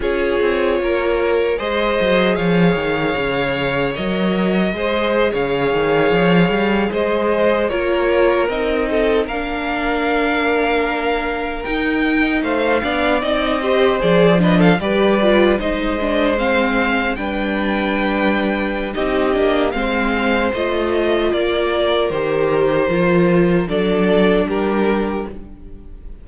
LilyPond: <<
  \new Staff \with { instrumentName = "violin" } { \time 4/4 \tempo 4 = 76 cis''2 dis''4 f''4~ | f''4 dis''4.~ dis''16 f''4~ f''16~ | f''8. dis''4 cis''4 dis''4 f''16~ | f''2~ f''8. g''4 f''16~ |
f''8. dis''4 d''8 dis''16 f''16 d''4 dis''16~ | dis''8. f''4 g''2~ g''16 | dis''4 f''4 dis''4 d''4 | c''2 d''4 ais'4 | }
  \new Staff \with { instrumentName = "violin" } { \time 4/4 gis'4 ais'4 c''4 cis''4~ | cis''2 c''8. cis''4~ cis''16~ | cis''8. c''4 ais'4. a'8 ais'16~ | ais'2.~ ais'8. c''16~ |
c''16 d''4 c''4 b'16 a'16 b'4 c''16~ | c''4.~ c''16 b'2~ b'16 | g'4 c''2 ais'4~ | ais'2 a'4 g'4 | }
  \new Staff \with { instrumentName = "viola" } { \time 4/4 f'2 gis'2~ | gis'4 ais'4 gis'2~ | gis'4.~ gis'16 f'4 dis'4 d'16~ | d'2~ d'8. dis'4~ dis'16~ |
dis'16 d'8 dis'8 g'8 gis'8 d'8 g'8 f'8 dis'16~ | dis'16 d'8 c'4 d'2~ d'16 | dis'8 d'8 c'4 f'2 | g'4 f'4 d'2 | }
  \new Staff \with { instrumentName = "cello" } { \time 4/4 cis'8 c'8 ais4 gis8 fis8 f8 dis8 | cis4 fis4 gis8. cis8 dis8 f16~ | f16 g8 gis4 ais4 c'4 ais16~ | ais2~ ais8. dis'4 a16~ |
a16 b8 c'4 f4 g4 gis16~ | gis4.~ gis16 g2~ g16 | c'8 ais8 gis4 a4 ais4 | dis4 f4 fis4 g4 | }
>>